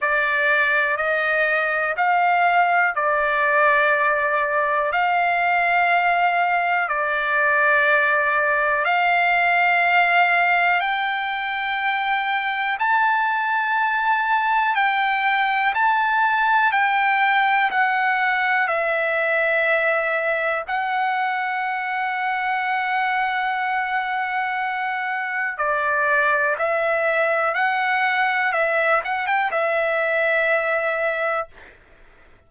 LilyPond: \new Staff \with { instrumentName = "trumpet" } { \time 4/4 \tempo 4 = 61 d''4 dis''4 f''4 d''4~ | d''4 f''2 d''4~ | d''4 f''2 g''4~ | g''4 a''2 g''4 |
a''4 g''4 fis''4 e''4~ | e''4 fis''2.~ | fis''2 d''4 e''4 | fis''4 e''8 fis''16 g''16 e''2 | }